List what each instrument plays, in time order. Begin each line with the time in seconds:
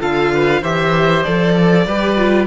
0.00 cello D3, viola F4, oboe A4, violin F5
0.34 oboe B4
0.61 cello E3, viola G4, oboe C5, violin E5
1.23 cello F3, viola A4, violin D5
1.53 oboe A4
1.86 cello G3, viola G4, oboe B4
2.17 viola F4